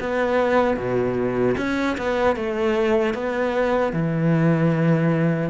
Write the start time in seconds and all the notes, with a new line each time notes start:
0.00 B3
0.76 B2
1.57 C#4
1.97 B3
2.36 A3
3.14 B3
3.93 E3